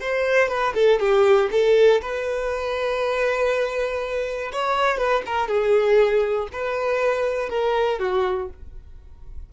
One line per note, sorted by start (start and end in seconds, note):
0.00 0.48 C5
0.48 0.73 B4
0.74 0.99 A4
0.99 1.49 G4
1.51 2.01 A4
2.01 4.51 B4
4.52 4.97 C#5
4.97 5.22 B4
5.26 5.47 A#4
5.47 6.47 G#4
6.52 7.49 B4
7.49 7.99 A#4
7.99 8.49 F#4